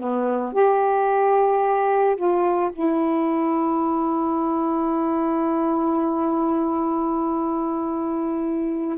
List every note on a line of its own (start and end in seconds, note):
0.00 0.53 B3
0.53 2.16 G4
2.16 2.71 F4
2.72 8.98 E4